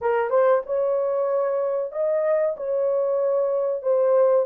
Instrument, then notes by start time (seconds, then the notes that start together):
horn
0.01 A#4
0.30 C5
0.66 C#5
1.91 D#5
2.56 C#5
3.82 C5